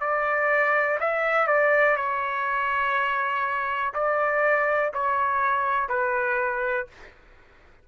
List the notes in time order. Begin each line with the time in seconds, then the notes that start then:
0.00 D5
1.00 E5
1.47 D5
1.96 C#5
3.94 D5
4.93 C#5
5.88 B4